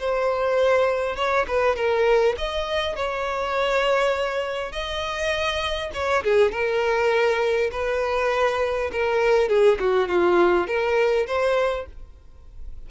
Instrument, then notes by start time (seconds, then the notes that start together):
violin
0.00 C5
1.16 C#5
1.48 B4
1.76 A#4
2.38 D#5
2.96 C#5
4.72 D#5
5.94 C#5
6.23 G#4
6.52 A#4
7.72 B4
8.92 A#4
9.49 G#4
9.80 F#4
10.09 F4
10.67 A#4
11.27 C5